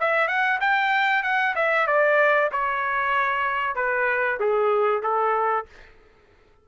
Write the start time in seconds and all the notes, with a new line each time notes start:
0.00 E5
0.28 F#5
0.60 G5
1.23 F#5
1.55 E5
1.87 D5
2.51 C#5
3.75 B4
4.39 G#4
5.02 A4